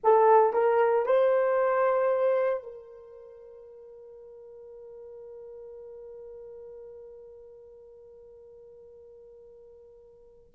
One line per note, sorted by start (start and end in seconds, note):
0.03 0.53 A4
0.53 1.05 A#4
1.05 2.63 C5
2.63 10.52 A#4